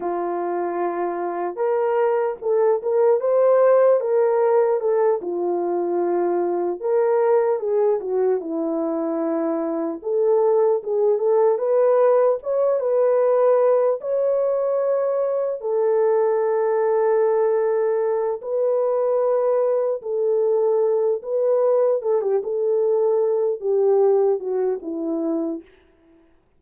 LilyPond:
\new Staff \with { instrumentName = "horn" } { \time 4/4 \tempo 4 = 75 f'2 ais'4 a'8 ais'8 | c''4 ais'4 a'8 f'4.~ | f'8 ais'4 gis'8 fis'8 e'4.~ | e'8 a'4 gis'8 a'8 b'4 cis''8 |
b'4. cis''2 a'8~ | a'2. b'4~ | b'4 a'4. b'4 a'16 g'16 | a'4. g'4 fis'8 e'4 | }